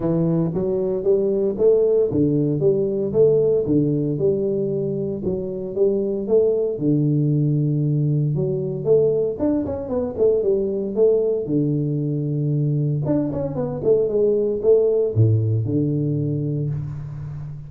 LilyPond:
\new Staff \with { instrumentName = "tuba" } { \time 4/4 \tempo 4 = 115 e4 fis4 g4 a4 | d4 g4 a4 d4 | g2 fis4 g4 | a4 d2. |
fis4 a4 d'8 cis'8 b8 a8 | g4 a4 d2~ | d4 d'8 cis'8 b8 a8 gis4 | a4 a,4 d2 | }